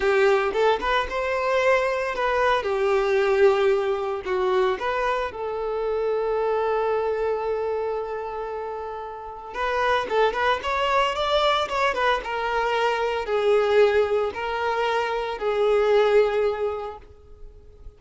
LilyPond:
\new Staff \with { instrumentName = "violin" } { \time 4/4 \tempo 4 = 113 g'4 a'8 b'8 c''2 | b'4 g'2. | fis'4 b'4 a'2~ | a'1~ |
a'2 b'4 a'8 b'8 | cis''4 d''4 cis''8 b'8 ais'4~ | ais'4 gis'2 ais'4~ | ais'4 gis'2. | }